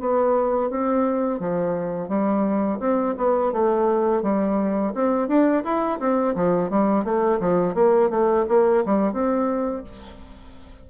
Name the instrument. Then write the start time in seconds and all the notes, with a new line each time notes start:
bassoon
0.00 B3
0.70 C4
1.39 F3
2.08 G3
2.79 C4
3.17 B3
3.52 A3
4.22 G3
4.94 C4
5.28 D4
5.64 E4
5.99 C4
6.35 F3
6.70 G3
7.04 A3
7.40 F3
7.74 A#3
8.10 A3
8.48 A#3
8.85 G3
9.13 C4